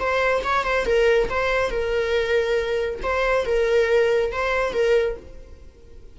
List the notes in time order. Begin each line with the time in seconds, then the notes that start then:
0.00 C5
0.44 C#5
0.64 C5
0.86 A#4
1.30 C5
1.71 A#4
3.03 C5
3.46 A#4
4.32 C5
4.73 A#4